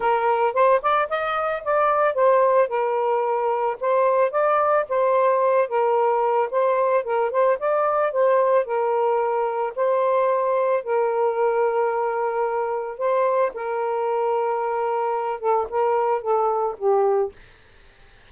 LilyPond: \new Staff \with { instrumentName = "saxophone" } { \time 4/4 \tempo 4 = 111 ais'4 c''8 d''8 dis''4 d''4 | c''4 ais'2 c''4 | d''4 c''4. ais'4. | c''4 ais'8 c''8 d''4 c''4 |
ais'2 c''2 | ais'1 | c''4 ais'2.~ | ais'8 a'8 ais'4 a'4 g'4 | }